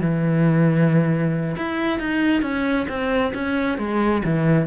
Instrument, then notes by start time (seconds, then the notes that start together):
cello
0.00 E3
1.57 E4
1.99 D#4
2.42 C#4
2.88 C4
3.34 C#4
3.78 G#3
4.24 E3